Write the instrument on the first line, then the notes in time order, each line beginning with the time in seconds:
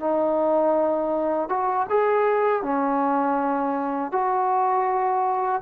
trombone
0.00 D#4
1.49 F#4
1.90 G#4
2.63 C#4
4.12 F#4